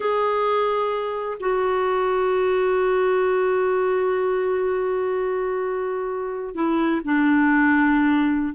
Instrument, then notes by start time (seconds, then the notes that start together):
clarinet
0.00 G#4
1.40 F#4
6.55 E4
7.04 D4